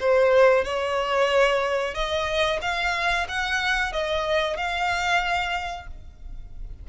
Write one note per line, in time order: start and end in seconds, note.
0.00 0.65 C5
0.65 1.94 C#5
1.94 2.60 D#5
2.62 3.27 F5
3.28 3.93 F#5
3.93 4.57 D#5
4.57 5.87 F5